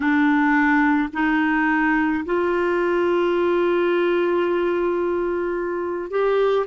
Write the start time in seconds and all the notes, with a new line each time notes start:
0.00 D4
1.13 D#4
2.25 F4
6.10 G4